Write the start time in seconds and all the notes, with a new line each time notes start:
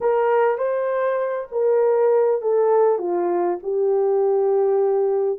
0.00 A#4
0.58 C5
1.51 A#4
2.41 A4
2.98 F4
3.62 G4